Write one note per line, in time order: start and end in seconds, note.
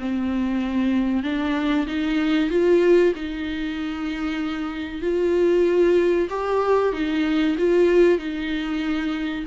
0.00 1.23 C4
1.23 1.87 D4
1.87 2.50 D#4
2.50 3.13 F4
3.16 5.02 D#4
5.02 6.28 F4
6.30 6.93 G4
6.93 7.56 D#4
7.58 8.19 F4
8.19 9.45 D#4